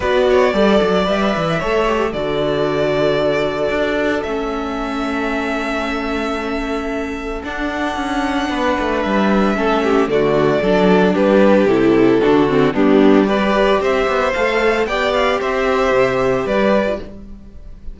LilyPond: <<
  \new Staff \with { instrumentName = "violin" } { \time 4/4 \tempo 4 = 113 d''2 e''2 | d''1 | e''1~ | e''2 fis''2~ |
fis''4 e''2 d''4~ | d''4 b'4 a'2 | g'4 d''4 e''4 f''4 | g''8 f''8 e''2 d''4 | }
  \new Staff \with { instrumentName = "violin" } { \time 4/4 b'8 cis''8 d''2 cis''4 | a'1~ | a'1~ | a'1 |
b'2 a'8 g'8 fis'4 | a'4 g'2 fis'4 | d'4 b'4 c''2 | d''4 c''2 b'4 | }
  \new Staff \with { instrumentName = "viola" } { \time 4/4 fis'4 a'4 b'4 a'8 g'8 | fis'1 | cis'1~ | cis'2 d'2~ |
d'2 cis'4 a4 | d'2 e'4 d'8 c'8 | b4 g'2 a'4 | g'2.~ g'8. f'16 | }
  \new Staff \with { instrumentName = "cello" } { \time 4/4 b4 g8 fis8 g8 e8 a4 | d2. d'4 | a1~ | a2 d'4 cis'4 |
b8 a8 g4 a4 d4 | fis4 g4 c4 d4 | g2 c'8 b8 a4 | b4 c'4 c4 g4 | }
>>